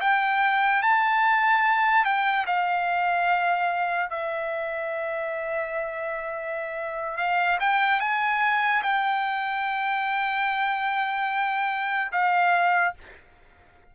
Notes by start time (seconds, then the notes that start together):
0.00 G5
0.82 A5
2.04 G5
2.46 F5
4.09 E5
7.17 F5
7.60 G5
8.00 G#5
8.82 G5
12.12 F5